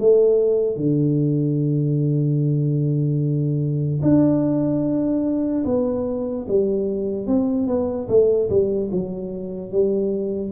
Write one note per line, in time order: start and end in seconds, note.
0.00 0.77 A3
0.77 4.01 D3
4.03 5.65 D4
5.65 6.46 B3
6.48 7.27 G3
7.27 7.68 C4
7.68 8.08 B3
8.09 8.50 A3
8.50 8.90 G3
8.92 9.72 F#3
9.72 10.52 G3